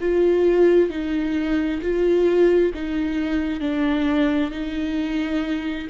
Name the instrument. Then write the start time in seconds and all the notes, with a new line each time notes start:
viola
0.00 F4
0.90 D#4
1.81 F4
2.74 D#4
3.60 D4
4.51 D#4